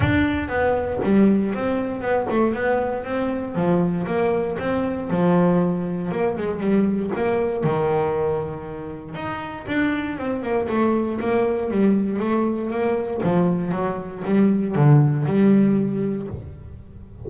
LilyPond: \new Staff \with { instrumentName = "double bass" } { \time 4/4 \tempo 4 = 118 d'4 b4 g4 c'4 | b8 a8 b4 c'4 f4 | ais4 c'4 f2 | ais8 gis8 g4 ais4 dis4~ |
dis2 dis'4 d'4 | c'8 ais8 a4 ais4 g4 | a4 ais4 f4 fis4 | g4 d4 g2 | }